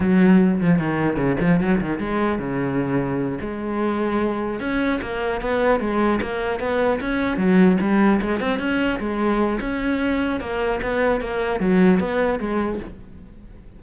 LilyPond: \new Staff \with { instrumentName = "cello" } { \time 4/4 \tempo 4 = 150 fis4. f8 dis4 cis8 f8 | fis8 dis8 gis4 cis2~ | cis8 gis2. cis'8~ | cis'8 ais4 b4 gis4 ais8~ |
ais8 b4 cis'4 fis4 g8~ | g8 gis8 c'8 cis'4 gis4. | cis'2 ais4 b4 | ais4 fis4 b4 gis4 | }